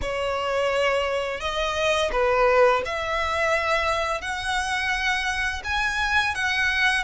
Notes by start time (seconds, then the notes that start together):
0.01 C#5
1.40 D#5
2.11 B4
2.85 E5
4.21 F#5
5.64 G#5
6.34 F#5